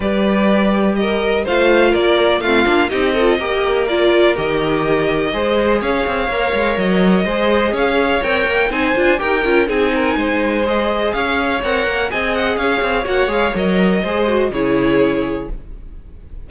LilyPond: <<
  \new Staff \with { instrumentName = "violin" } { \time 4/4 \tempo 4 = 124 d''2 dis''4 f''4 | d''4 f''4 dis''2 | d''4 dis''2. | f''2 dis''2 |
f''4 g''4 gis''4 g''4 | gis''2 dis''4 f''4 | fis''4 gis''8 fis''8 f''4 fis''8 f''8 | dis''2 cis''2 | }
  \new Staff \with { instrumentName = "violin" } { \time 4/4 b'2 ais'4 c''4 | ais'4 f'4 g'8 a'8 ais'4~ | ais'2. c''4 | cis''2. c''4 |
cis''2 c''4 ais'4 | gis'8 ais'8 c''2 cis''4~ | cis''4 dis''4 cis''2~ | cis''4 c''4 gis'2 | }
  \new Staff \with { instrumentName = "viola" } { \time 4/4 g'2. f'4~ | f'4 c'8 d'8 dis'8 f'8 g'4 | f'4 g'2 gis'4~ | gis'4 ais'2 gis'4~ |
gis'4 ais'4 dis'8 f'8 g'8 f'8 | dis'2 gis'2 | ais'4 gis'2 fis'8 gis'8 | ais'4 gis'8 fis'8 e'2 | }
  \new Staff \with { instrumentName = "cello" } { \time 4/4 g2. a4 | ais4 a8 ais8 c'4 ais4~ | ais4 dis2 gis4 | cis'8 c'8 ais8 gis8 fis4 gis4 |
cis'4 c'8 ais8 c'8 d'8 dis'8 cis'8 | c'4 gis2 cis'4 | c'8 ais8 c'4 cis'8 c'8 ais8 gis8 | fis4 gis4 cis2 | }
>>